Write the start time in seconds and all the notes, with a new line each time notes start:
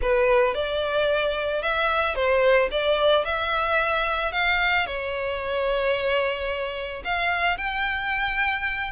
0.01 B4
0.54 D5
1.62 E5
2.15 C5
2.71 D5
3.24 E5
4.32 F5
4.86 C#5
7.04 F5
7.57 G5